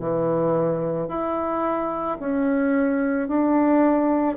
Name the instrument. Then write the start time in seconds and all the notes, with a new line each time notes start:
bassoon
0.00 E3
1.08 E4
2.20 C#4
3.28 D4